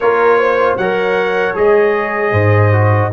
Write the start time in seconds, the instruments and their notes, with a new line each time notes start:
0.00 tuba A#3, trombone F4, horn A#4, trumpet C#5
0.38 horn C5
0.76 tuba F#3, trombone A#4, horn C#5, trumpet F#5
1.55 tuba G#3, trombone G#4, trumpet D#5
2.32 tuba G#2, horn C5
2.72 trombone F#4